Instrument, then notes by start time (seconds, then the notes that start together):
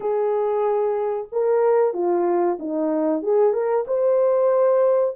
horn
0.00 G#4
1.32 A#4
1.93 F4
2.59 D#4
3.22 G#4
3.53 A#4
3.87 C5